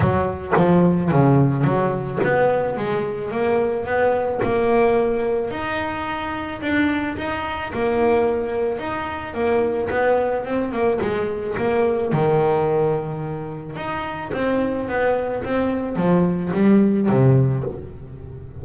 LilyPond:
\new Staff \with { instrumentName = "double bass" } { \time 4/4 \tempo 4 = 109 fis4 f4 cis4 fis4 | b4 gis4 ais4 b4 | ais2 dis'2 | d'4 dis'4 ais2 |
dis'4 ais4 b4 c'8 ais8 | gis4 ais4 dis2~ | dis4 dis'4 c'4 b4 | c'4 f4 g4 c4 | }